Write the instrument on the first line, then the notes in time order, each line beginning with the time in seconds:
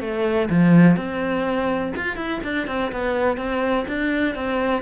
cello
0.00 A3
0.49 F3
0.96 C4
1.96 F4
2.16 E4
2.43 D4
2.67 C4
2.91 B3
3.37 C4
3.87 D4
4.35 C4